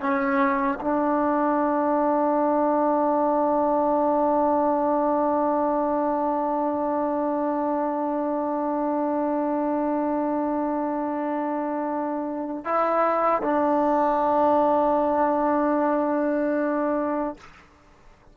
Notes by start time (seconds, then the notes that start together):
0.00 C#4
0.81 D4
12.65 E4
13.42 D4